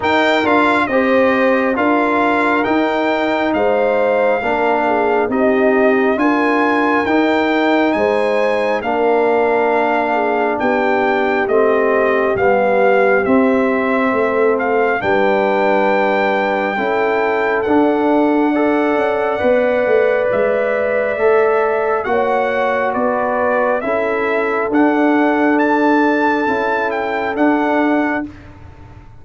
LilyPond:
<<
  \new Staff \with { instrumentName = "trumpet" } { \time 4/4 \tempo 4 = 68 g''8 f''8 dis''4 f''4 g''4 | f''2 dis''4 gis''4 | g''4 gis''4 f''2 | g''4 dis''4 f''4 e''4~ |
e''8 f''8 g''2. | fis''2. e''4~ | e''4 fis''4 d''4 e''4 | fis''4 a''4. g''8 fis''4 | }
  \new Staff \with { instrumentName = "horn" } { \time 4/4 ais'4 c''4 ais'2 | c''4 ais'8 gis'8 g'4 ais'4~ | ais'4 c''4 ais'4. gis'8 | g'1 |
a'4 b'2 a'4~ | a'4 d''2.~ | d''4 cis''4 b'4 a'4~ | a'1 | }
  \new Staff \with { instrumentName = "trombone" } { \time 4/4 dis'8 f'8 g'4 f'4 dis'4~ | dis'4 d'4 dis'4 f'4 | dis'2 d'2~ | d'4 c'4 b4 c'4~ |
c'4 d'2 e'4 | d'4 a'4 b'2 | a'4 fis'2 e'4 | d'2 e'4 d'4 | }
  \new Staff \with { instrumentName = "tuba" } { \time 4/4 dis'8 d'8 c'4 d'4 dis'4 | gis4 ais4 c'4 d'4 | dis'4 gis4 ais2 | b4 a4 g4 c'4 |
a4 g2 cis'4 | d'4. cis'8 b8 a8 gis4 | a4 ais4 b4 cis'4 | d'2 cis'4 d'4 | }
>>